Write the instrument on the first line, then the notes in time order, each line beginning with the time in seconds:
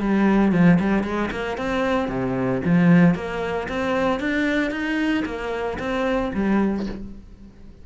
cello
0.00 G3
0.52 F3
0.80 G3
1.03 G#3
1.31 A#3
1.57 C4
2.08 C3
2.64 F3
3.15 A#3
3.68 C4
4.20 D4
4.71 D#4
5.25 A#3
5.79 C4
6.33 G3